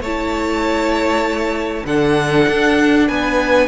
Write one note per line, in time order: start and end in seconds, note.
0.00 1.84 A3
0.00 1.87 E4
0.00 1.85 C#5
0.00 1.86 A5
1.85 2.46 D3
1.85 3.68 D4
1.85 3.08 A4
1.85 3.08 F#5
2.48 3.09 D4
3.08 3.68 B3
3.08 3.68 B4
3.08 3.68 G#5